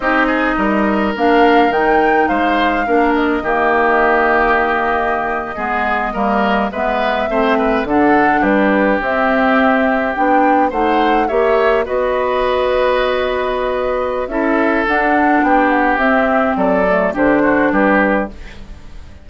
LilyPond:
<<
  \new Staff \with { instrumentName = "flute" } { \time 4/4 \tempo 4 = 105 dis''2 f''4 g''4 | f''4. dis''2~ dis''8~ | dis''2.~ dis''8. e''16~ | e''4.~ e''16 fis''4 b'4 e''16~ |
e''4.~ e''16 g''4 fis''4 e''16~ | e''8. dis''2.~ dis''16~ | dis''4 e''4 fis''4 g''8 fis''8 | e''4 d''4 c''4 b'4 | }
  \new Staff \with { instrumentName = "oboe" } { \time 4/4 g'8 gis'8 ais'2. | c''4 ais'4 g'2~ | g'4.~ g'16 gis'4 ais'4 b'16~ | b'8. c''8 b'8 a'4 g'4~ g'16~ |
g'2~ g'8. c''4 cis''16~ | cis''8. b'2.~ b'16~ | b'4 a'2 g'4~ | g'4 a'4 g'8 fis'8 g'4 | }
  \new Staff \with { instrumentName = "clarinet" } { \time 4/4 dis'2 d'4 dis'4~ | dis'4 d'4 ais2~ | ais4.~ ais16 b4 ais4 b16~ | b8. c'4 d'2 c'16~ |
c'4.~ c'16 d'4 dis'4 g'16~ | g'8. fis'2.~ fis'16~ | fis'4 e'4 d'2 | c'4. a8 d'2 | }
  \new Staff \with { instrumentName = "bassoon" } { \time 4/4 c'4 g4 ais4 dis4 | gis4 ais4 dis2~ | dis4.~ dis16 gis4 g4 gis16~ | gis8. a4 d4 g4 c'16~ |
c'4.~ c'16 b4 a4 ais16~ | ais8. b2.~ b16~ | b4 cis'4 d'4 b4 | c'4 fis4 d4 g4 | }
>>